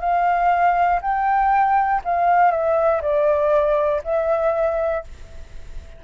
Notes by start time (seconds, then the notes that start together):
0.00 F5
1.01 G5
2.05 F5
2.51 E5
3.02 D5
4.04 E5